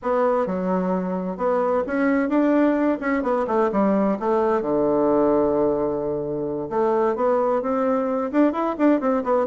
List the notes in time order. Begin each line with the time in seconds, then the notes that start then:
0.02 B3
0.46 F#3
1.37 B3
1.86 C#4
2.29 D4
3.00 C#4
3.23 B3
3.47 A3
3.72 G3
4.19 A3
4.61 D3
6.69 A3
7.15 B3
7.62 C4
8.31 D4
8.52 E4
8.78 D4
9.00 C4
9.23 B3